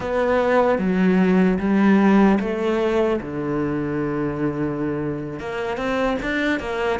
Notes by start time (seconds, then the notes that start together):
0.00 B3
0.78 F#3
1.59 G3
2.40 A3
3.20 D3
5.39 A#3
5.77 C4
6.22 D4
6.59 A#3